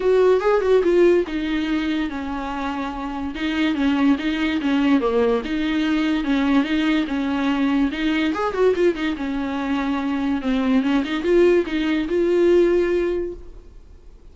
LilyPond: \new Staff \with { instrumentName = "viola" } { \time 4/4 \tempo 4 = 144 fis'4 gis'8 fis'8 f'4 dis'4~ | dis'4 cis'2. | dis'4 cis'4 dis'4 cis'4 | ais4 dis'2 cis'4 |
dis'4 cis'2 dis'4 | gis'8 fis'8 f'8 dis'8 cis'2~ | cis'4 c'4 cis'8 dis'8 f'4 | dis'4 f'2. | }